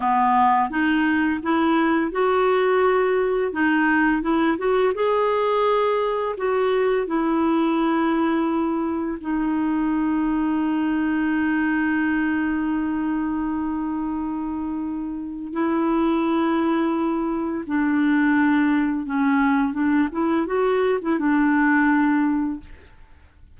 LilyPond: \new Staff \with { instrumentName = "clarinet" } { \time 4/4 \tempo 4 = 85 b4 dis'4 e'4 fis'4~ | fis'4 dis'4 e'8 fis'8 gis'4~ | gis'4 fis'4 e'2~ | e'4 dis'2.~ |
dis'1~ | dis'2 e'2~ | e'4 d'2 cis'4 | d'8 e'8 fis'8. e'16 d'2 | }